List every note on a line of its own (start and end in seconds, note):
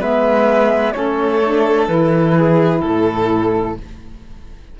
0.00 0.95 G#3
0.00 0.94 B3
0.00 0.94 B4
0.00 0.92 E5
0.92 1.88 A3
0.92 1.40 C#4
0.92 2.38 A4
0.92 1.86 C#5
1.44 1.89 D4
1.87 2.82 E3
1.87 3.77 E4
1.87 2.81 B4
2.38 2.81 G#4
2.81 3.78 A2
2.81 3.75 A4
2.81 3.80 A4